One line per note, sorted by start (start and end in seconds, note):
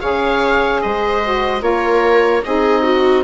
0.00 0.84 C#3
0.00 1.23 G#4
0.00 0.81 C#5
0.00 0.81 F5
0.81 1.62 G#3
0.81 1.62 C5
0.81 1.62 D#5
1.23 1.60 F#4
1.60 2.43 A#3
1.60 2.41 F4
1.60 2.43 A#4
1.60 2.43 C#5
2.43 3.24 C4
2.43 3.24 D#4
2.43 2.83 G#4
2.43 3.24 D#5
2.83 3.23 F#4